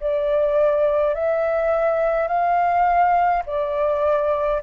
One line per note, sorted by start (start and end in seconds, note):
0.00 1.14 D5
1.14 2.28 E5
2.28 3.43 F5
3.46 4.62 D5